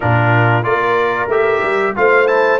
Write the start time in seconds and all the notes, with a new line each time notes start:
0.00 A#2 D4 F4 A#4
0.63 A#3 F4 A#4 D5
1.27 A3 G4 E5
1.62 G3
1.96 A3 F4 C5 F5
2.27 E4 A5